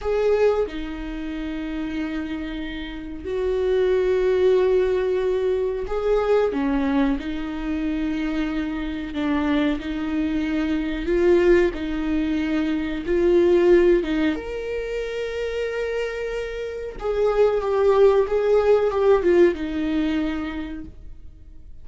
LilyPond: \new Staff \with { instrumentName = "viola" } { \time 4/4 \tempo 4 = 92 gis'4 dis'2.~ | dis'4 fis'2.~ | fis'4 gis'4 cis'4 dis'4~ | dis'2 d'4 dis'4~ |
dis'4 f'4 dis'2 | f'4. dis'8 ais'2~ | ais'2 gis'4 g'4 | gis'4 g'8 f'8 dis'2 | }